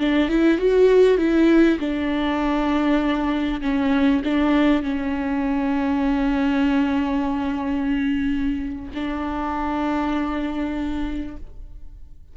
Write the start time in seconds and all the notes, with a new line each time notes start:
0.00 D4
0.29 E4
0.58 F#4
1.18 E4
1.80 D4
3.62 C#4
4.25 D4
4.83 C#4
8.95 D4